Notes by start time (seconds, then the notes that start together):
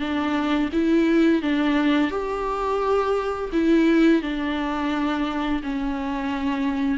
0.00 D4
0.73 E4
1.42 D4
2.11 G4
3.53 E4
4.22 D4
5.63 C#4